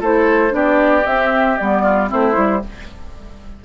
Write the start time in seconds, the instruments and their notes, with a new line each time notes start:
0.00 bassoon A3, clarinet E4, oboe A4, flute C5
0.50 bassoon B3, clarinet D4, oboe G4, flute D5
1.04 clarinet C4, bassoon C4, flute E5
1.57 bassoon G3, clarinet B3, flute D5
1.82 oboe F4
2.07 bassoon A3, clarinet C4, oboe E4, flute C5
2.32 bassoon G3, clarinet E4